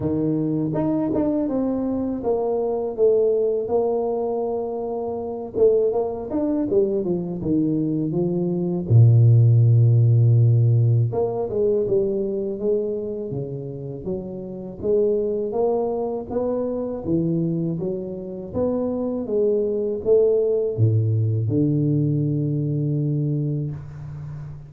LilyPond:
\new Staff \with { instrumentName = "tuba" } { \time 4/4 \tempo 4 = 81 dis4 dis'8 d'8 c'4 ais4 | a4 ais2~ ais8 a8 | ais8 d'8 g8 f8 dis4 f4 | ais,2. ais8 gis8 |
g4 gis4 cis4 fis4 | gis4 ais4 b4 e4 | fis4 b4 gis4 a4 | a,4 d2. | }